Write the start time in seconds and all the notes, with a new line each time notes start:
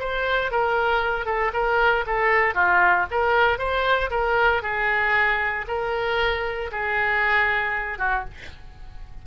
0.00 C5
0.51 A#4
1.26 A4
1.54 A#4
2.07 A4
2.55 F4
3.11 A#4
3.59 C5
4.11 A#4
4.62 G#4
5.68 A#4
6.72 G#4
7.99 F#4